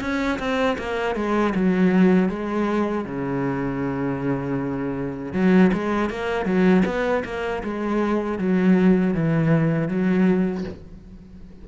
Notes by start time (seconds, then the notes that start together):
0.00 C#4
0.39 C4
0.78 A#3
1.15 G#3
1.54 F#3
2.29 G#3
3.04 C#3
5.32 F#3
5.73 G#3
6.09 A#3
6.45 F#3
6.85 B3
7.24 A#3
7.63 G#3
8.38 F#3
9.13 E3
9.88 F#3